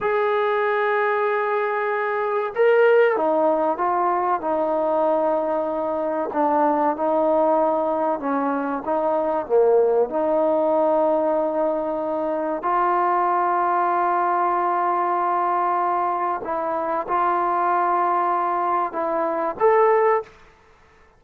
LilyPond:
\new Staff \with { instrumentName = "trombone" } { \time 4/4 \tempo 4 = 95 gis'1 | ais'4 dis'4 f'4 dis'4~ | dis'2 d'4 dis'4~ | dis'4 cis'4 dis'4 ais4 |
dis'1 | f'1~ | f'2 e'4 f'4~ | f'2 e'4 a'4 | }